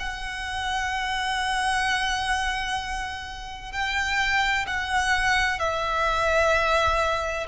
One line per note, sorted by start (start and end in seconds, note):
0.00 3.72 F#5
3.72 4.66 G5
4.67 5.60 F#5
5.60 7.47 E5